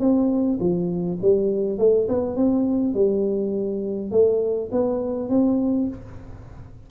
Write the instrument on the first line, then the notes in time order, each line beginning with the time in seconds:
tuba
0.00 C4
0.60 F3
1.22 G3
1.79 A3
2.09 B3
2.36 C4
2.94 G3
4.11 A3
4.72 B3
5.29 C4